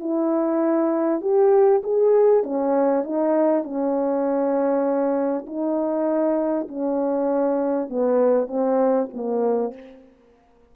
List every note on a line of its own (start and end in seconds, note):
0.00 1.21 E4
1.21 1.82 G4
1.84 2.44 G#4
2.44 3.04 C#4
3.04 3.64 D#4
3.64 5.46 C#4
5.47 6.68 D#4
6.69 7.90 C#4
7.90 8.48 B3
8.48 9.08 C4
9.13 9.74 A#3